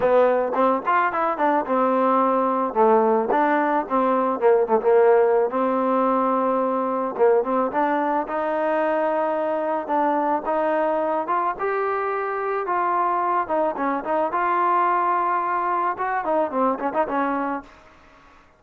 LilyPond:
\new Staff \with { instrumentName = "trombone" } { \time 4/4 \tempo 4 = 109 b4 c'8 f'8 e'8 d'8 c'4~ | c'4 a4 d'4 c'4 | ais8 a16 ais4~ ais16 c'2~ | c'4 ais8 c'8 d'4 dis'4~ |
dis'2 d'4 dis'4~ | dis'8 f'8 g'2 f'4~ | f'8 dis'8 cis'8 dis'8 f'2~ | f'4 fis'8 dis'8 c'8 cis'16 dis'16 cis'4 | }